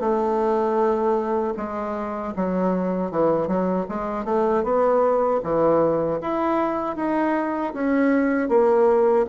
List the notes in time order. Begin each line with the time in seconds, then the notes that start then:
0.00 A3
1.57 G#3
2.36 F#3
3.11 E3
3.47 F#3
3.88 G#3
4.25 A3
4.64 B3
5.43 E3
6.21 E4
6.96 D#4
7.73 C#4
8.49 A#3